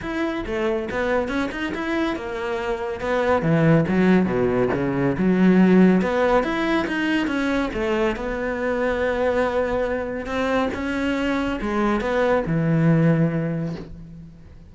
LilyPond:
\new Staff \with { instrumentName = "cello" } { \time 4/4 \tempo 4 = 140 e'4 a4 b4 cis'8 dis'8 | e'4 ais2 b4 | e4 fis4 b,4 cis4 | fis2 b4 e'4 |
dis'4 cis'4 a4 b4~ | b1 | c'4 cis'2 gis4 | b4 e2. | }